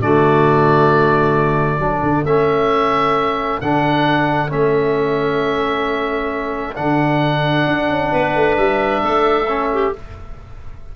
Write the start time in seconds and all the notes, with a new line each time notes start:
0.00 D3 A3 F#4 D5
1.79 F#3 D4 A4
2.03 D3
2.24 A3 C#4 E5
3.61 D3 D4 F#5
4.49 A3 C#4 E5
6.75 D3 D4 F#5
7.67 D4
7.89 C#4
8.11 B3 B4
8.35 A3
8.57 G3 E5
9.02 A3 A4
9.48 C#4
9.73 G4